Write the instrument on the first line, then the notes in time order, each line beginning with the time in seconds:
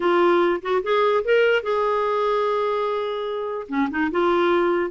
clarinet
0.00 F4
0.61 F#4
0.83 G#4
1.24 A#4
1.62 G#4
3.68 C#4
3.90 D#4
4.11 F4